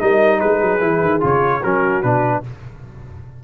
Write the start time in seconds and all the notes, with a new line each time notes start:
0.00 G3 D#4 A#4 D#5
0.39 G#3 G#4 B4
0.62 F#3
0.80 E3 E4
1.02 D#3
1.21 C#3 F4 C#5
1.60 F#3 C#4 F#4 A#4
2.03 B2 D4 B4